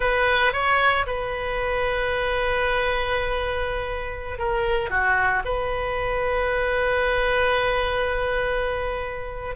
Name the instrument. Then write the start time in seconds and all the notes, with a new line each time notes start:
oboe
0.00 B4
0.52 C#5
1.06 B4
4.38 A#4
4.89 F#4
5.44 B4